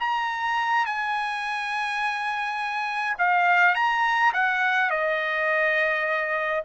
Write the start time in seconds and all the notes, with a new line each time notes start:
0.00 A#5
0.86 G#5
3.19 F5
3.75 A#5
4.33 F#5
4.90 D#5